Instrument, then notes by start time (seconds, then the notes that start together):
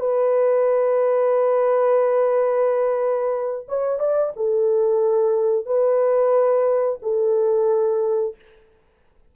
horn
0.00 B4
3.68 C#5
4.00 D5
4.37 A4
5.66 B4
7.02 A4